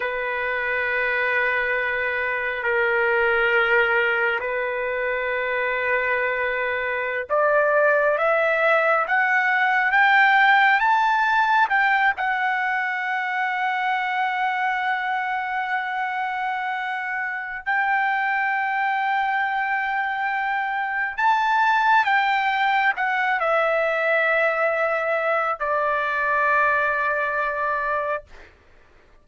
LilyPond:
\new Staff \with { instrumentName = "trumpet" } { \time 4/4 \tempo 4 = 68 b'2. ais'4~ | ais'4 b'2.~ | b'16 d''4 e''4 fis''4 g''8.~ | g''16 a''4 g''8 fis''2~ fis''16~ |
fis''1 | g''1 | a''4 g''4 fis''8 e''4.~ | e''4 d''2. | }